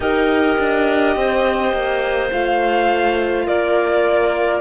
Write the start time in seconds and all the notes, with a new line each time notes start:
0.00 D#4 G4 A#4 D#5
0.58 D4
1.15 C4 C5
1.72 A#3
2.30 A3 F4 F5
3.46 A#3 A#4 D5